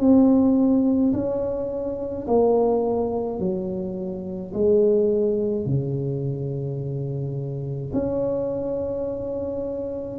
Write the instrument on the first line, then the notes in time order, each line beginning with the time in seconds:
tuba
0.00 C4
1.13 C#4
2.27 A#3
3.39 F#3
4.54 G#3
5.66 C#3
7.93 C#4